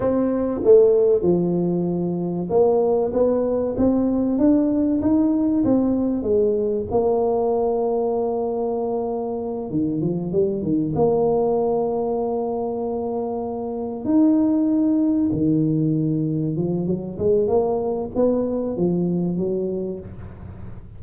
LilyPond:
\new Staff \with { instrumentName = "tuba" } { \time 4/4 \tempo 4 = 96 c'4 a4 f2 | ais4 b4 c'4 d'4 | dis'4 c'4 gis4 ais4~ | ais2.~ ais8 dis8 |
f8 g8 dis8 ais2~ ais8~ | ais2~ ais8 dis'4.~ | dis'8 dis2 f8 fis8 gis8 | ais4 b4 f4 fis4 | }